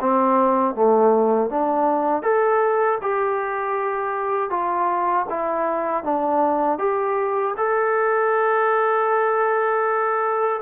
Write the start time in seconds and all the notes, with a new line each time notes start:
0.00 C4
0.75 A3
1.49 D4
2.22 A4
3.01 G4
4.50 F4
5.29 E4
6.03 D4
6.78 G4
7.57 A4